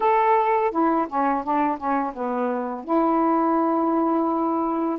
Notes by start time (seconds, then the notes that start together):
0.00 A4
0.71 E4
1.08 C#4
1.44 D4
1.77 C#4
2.13 B3
2.84 E4